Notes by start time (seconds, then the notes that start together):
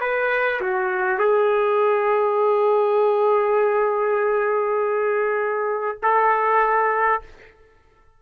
0.00 B4
0.61 F#4
1.19 G#4
6.02 A4